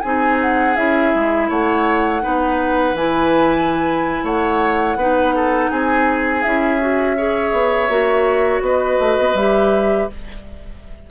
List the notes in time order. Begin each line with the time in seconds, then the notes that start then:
0.00 C4 D#4 G#4 G#5
0.41 F#5
0.76 C#4 E4 E5
1.15 G#3
1.49 A3 C#5 F#5
2.22 B3 D#4 B4
2.94 E3 E4 G#5
4.23 A3 C#5 F#5
4.96 B3 D#4 B4
5.35 A4
5.71 C4 G#4 G#5
6.42 C#4 E4 E5
6.80 F#4
7.17 G#4 C#5
7.52 B3
7.89 A#3 F#4
8.61 B3 B4 D#5
8.99 A3
9.19 B3
9.34 G3 G4 E5